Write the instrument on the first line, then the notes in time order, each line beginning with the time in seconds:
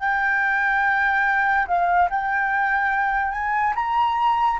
flute
0.00 G5
1.67 F5
2.10 G5
3.32 G#5
3.75 A#5